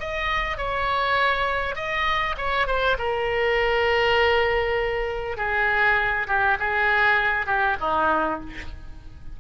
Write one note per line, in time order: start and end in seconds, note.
0.00 0.58 D#5
0.58 1.75 C#5
1.75 2.35 D#5
2.38 2.67 C#5
2.67 2.97 C5
2.98 5.37 A#4
5.37 6.27 G#4
6.28 6.58 G4
6.60 7.46 G#4
7.46 7.76 G4
7.81 8.41 D#4